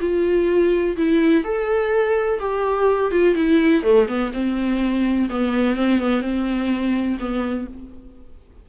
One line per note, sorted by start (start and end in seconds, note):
0.00 0.96 F4
0.96 1.44 E4
1.44 2.39 A4
2.39 3.11 G4
3.11 3.35 F4
3.35 3.83 E4
3.83 4.07 A3
4.08 4.32 B3
4.33 5.29 C4
5.29 5.75 B3
5.75 5.99 C4
5.99 6.21 B3
6.21 7.17 C4
7.19 7.67 B3